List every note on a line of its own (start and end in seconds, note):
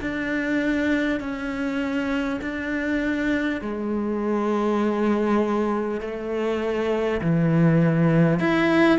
0.00 1.19 D4
1.19 2.39 C#4
2.41 3.61 D4
3.61 6.00 G#3
6.00 7.20 A3
7.21 8.39 E3
8.39 8.98 E4